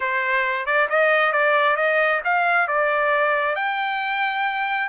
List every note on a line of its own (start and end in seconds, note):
0.00 0.65 C5
0.65 0.88 D5
0.89 1.32 D#5
1.32 1.76 D5
1.76 2.21 D#5
2.24 2.67 F5
2.67 3.55 D5
3.55 4.88 G5